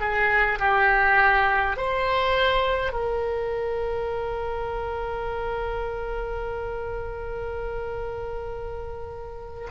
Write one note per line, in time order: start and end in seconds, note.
0.00 0.59 G#4
0.59 1.77 G4
1.77 2.93 C5
2.93 9.69 A#4